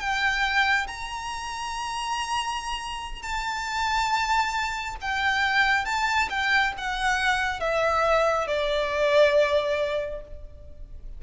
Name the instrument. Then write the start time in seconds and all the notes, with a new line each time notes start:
violin
0.00 G5
0.87 A#5
3.22 A5
5.01 G5
5.85 A5
6.30 G5
6.77 F#5
7.60 E5
8.47 D5